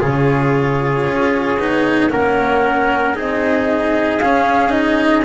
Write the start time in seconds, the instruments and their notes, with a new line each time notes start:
0.00 double bass C#3, cello F4, trumpet G#4, flute C#5
1.07 double bass C#4
1.59 double bass B3, cello D#4
2.10 double bass A#3, cello C#4, trumpet A#4, flute F#5
3.14 double bass C4, cello D#4, trumpet G#4, flute D#5
4.20 double bass C#4, cello C#4, flute F5
4.70 cello D#4, flute D#5